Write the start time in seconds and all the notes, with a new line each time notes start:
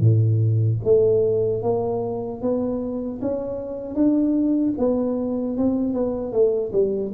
0.00 A2
0.84 A3
1.62 A#3
2.42 B3
3.21 C#4
3.94 D4
4.78 B3
5.57 C4
5.93 B3
6.32 A3
6.72 G3